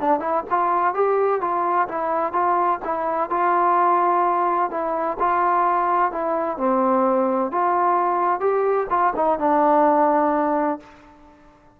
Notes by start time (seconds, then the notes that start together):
0.00 D4
0.20 E4
0.50 F4
0.94 G4
1.41 F4
1.88 E4
2.32 F4
2.85 E4
3.30 F4
4.70 E4
5.19 F4
6.12 E4
6.57 C4
7.51 F4
8.40 G4
8.90 F4
9.16 D#4
9.39 D4